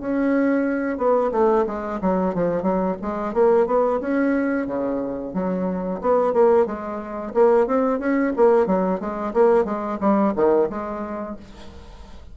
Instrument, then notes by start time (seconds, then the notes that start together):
bassoon
0.00 C#4
0.97 B3
1.32 A3
1.66 G#3
2.01 F#3
2.35 F3
2.62 F#3
3.02 G#3
3.34 A#3
3.66 B3
4.00 C#4
4.67 C#3
5.34 F#3
6.01 B3
6.33 A#3
6.66 G#3
7.34 A#3
7.67 C4
7.99 C#4
8.36 A#3
8.66 F#3
9.00 G#3
9.34 A#3
9.65 G#3
10.00 G3
10.35 D#3
10.69 G#3